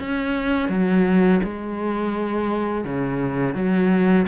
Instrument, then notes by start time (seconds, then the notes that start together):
cello
0.00 C#4
0.69 F#3
1.44 G#3
2.85 C#3
3.55 F#3